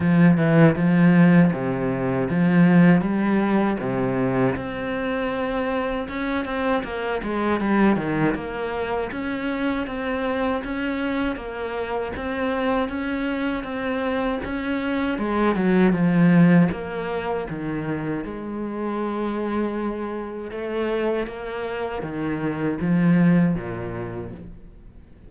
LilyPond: \new Staff \with { instrumentName = "cello" } { \time 4/4 \tempo 4 = 79 f8 e8 f4 c4 f4 | g4 c4 c'2 | cis'8 c'8 ais8 gis8 g8 dis8 ais4 | cis'4 c'4 cis'4 ais4 |
c'4 cis'4 c'4 cis'4 | gis8 fis8 f4 ais4 dis4 | gis2. a4 | ais4 dis4 f4 ais,4 | }